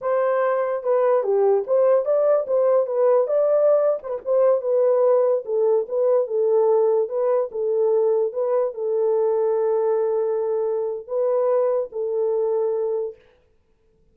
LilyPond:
\new Staff \with { instrumentName = "horn" } { \time 4/4 \tempo 4 = 146 c''2 b'4 g'4 | c''4 d''4 c''4 b'4 | d''4.~ d''16 c''16 b'16 c''4 b'8.~ | b'4~ b'16 a'4 b'4 a'8.~ |
a'4~ a'16 b'4 a'4.~ a'16~ | a'16 b'4 a'2~ a'8.~ | a'2. b'4~ | b'4 a'2. | }